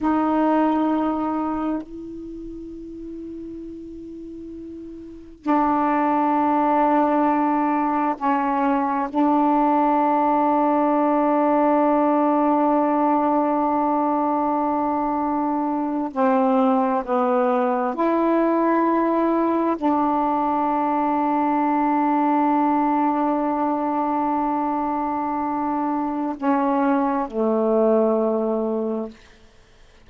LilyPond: \new Staff \with { instrumentName = "saxophone" } { \time 4/4 \tempo 4 = 66 dis'2 e'2~ | e'2 d'2~ | d'4 cis'4 d'2~ | d'1~ |
d'4.~ d'16 c'4 b4 e'16~ | e'4.~ e'16 d'2~ d'16~ | d'1~ | d'4 cis'4 a2 | }